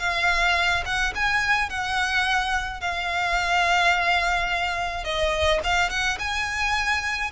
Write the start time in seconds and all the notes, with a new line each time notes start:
0.00 F5
0.86 F#5
1.15 G#5
1.70 F#5
2.81 F5
5.05 D#5
5.64 F5
5.90 F#5
6.19 G#5